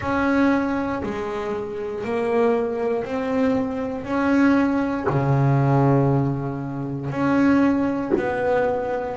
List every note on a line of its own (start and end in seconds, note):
0.00 1.02 C#4
1.02 2.04 G#3
2.04 3.04 A#3
3.04 4.04 C4
4.04 5.06 C#4
5.09 7.10 C#3
7.10 8.12 C#4
8.16 9.17 B3